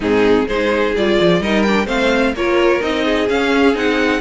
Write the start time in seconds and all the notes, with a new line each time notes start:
0.00 G#2 C4 D#4 G#4
0.47 G#3 D#4 G#4 C5
0.95 G3 F4 D5
1.21 F3
1.40 G3 D#4 A#4 D#5
1.62 D4 G5
1.86 A3 C4 C5 F5
2.33 A#3 F4 A#4 C#5
2.81 C4 D#4 D#5
3.04 G#4
3.28 C#4 F5
3.74 C4 D#4 F#5